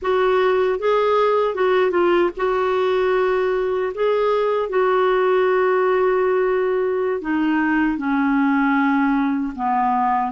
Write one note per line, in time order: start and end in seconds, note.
0.01 0.79 F#4
0.79 1.54 G#4
1.54 1.91 F#4
1.91 2.30 F4
2.37 3.92 F#4
3.94 4.69 G#4
4.69 7.21 F#4
7.21 7.97 D#4
7.97 9.53 C#4
9.55 10.31 B3